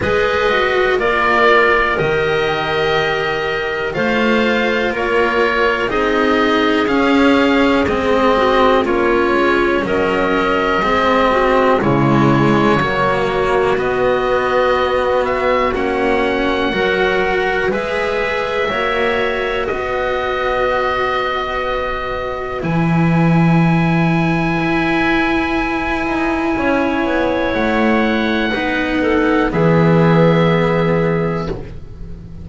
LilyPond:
<<
  \new Staff \with { instrumentName = "oboe" } { \time 4/4 \tempo 4 = 61 dis''4 d''4 dis''2 | f''4 cis''4 dis''4 f''4 | dis''4 cis''4 dis''2 | cis''2 dis''4. e''8 |
fis''2 e''2 | dis''2. gis''4~ | gis''1 | fis''2 e''2 | }
  \new Staff \with { instrumentName = "clarinet" } { \time 4/4 b'4 ais'2. | c''4 ais'4 gis'2~ | gis'8 fis'8 f'4 ais'4 gis'8 fis'8 | e'4 fis'2.~ |
fis'4 ais'4 b'4 cis''4 | b'1~ | b'2. cis''4~ | cis''4 b'8 a'8 gis'2 | }
  \new Staff \with { instrumentName = "cello" } { \time 4/4 gis'8 fis'8 f'4 g'2 | f'2 dis'4 cis'4 | c'4 cis'2 c'4 | gis4 ais4 b2 |
cis'4 fis'4 gis'4 fis'4~ | fis'2. e'4~ | e'1~ | e'4 dis'4 b2 | }
  \new Staff \with { instrumentName = "double bass" } { \time 4/4 gis4 ais4 dis2 | a4 ais4 c'4 cis'4 | gis4 ais8 gis8 fis4 gis4 | cis4 fis4 b2 |
ais4 fis4 gis4 ais4 | b2. e4~ | e4 e'4. dis'8 cis'8 b8 | a4 b4 e2 | }
>>